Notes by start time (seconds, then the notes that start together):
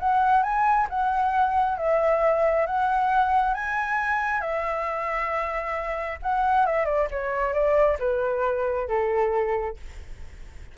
0.00 F#5
0.43 G#5
0.90 F#5
1.78 E5
2.67 F#5
3.54 G#5
4.41 E5
6.23 F#5
6.66 E5
6.86 D5
7.11 C#5
7.54 D5
7.99 B4
8.88 A4